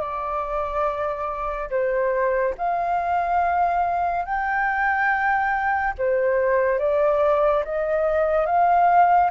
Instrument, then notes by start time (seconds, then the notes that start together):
flute
0.00 D5
1.70 C5
2.57 F5
4.25 G5
5.97 C5
6.79 D5
7.64 D#5
8.46 F5